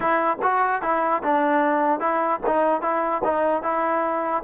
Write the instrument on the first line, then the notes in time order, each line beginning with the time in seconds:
trombone
0.00 E4
0.42 F#4
0.82 E4
1.23 D4
2.00 E4
2.46 D#4
2.81 E4
3.23 D#4
3.62 E4